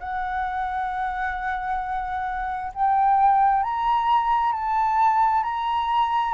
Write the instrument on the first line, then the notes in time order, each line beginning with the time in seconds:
flute
0.00 F#5
2.75 G5
3.64 A#5
4.53 A5
5.44 A#5